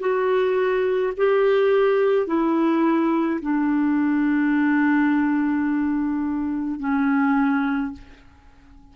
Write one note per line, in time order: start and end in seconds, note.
0.00 1.13 F#4
1.17 2.27 G4
2.27 3.40 E4
3.41 6.79 D4
6.79 7.92 C#4